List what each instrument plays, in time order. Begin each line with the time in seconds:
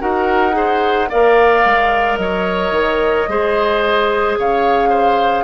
0.00 bassoon D#4, clarinet F#4, oboe A#4, flute F#5
0.52 clarinet G#4, oboe C5
1.10 bassoon A#3, clarinet A#4, oboe D5, flute F5
1.65 bassoon G#3
2.17 bassoon F#3, oboe C#5, flute D#5
2.71 bassoon D#3
3.28 bassoon G#3, clarinet G#4, oboe C5
4.39 bassoon C#3, oboe C#5, flute F5
4.90 oboe C5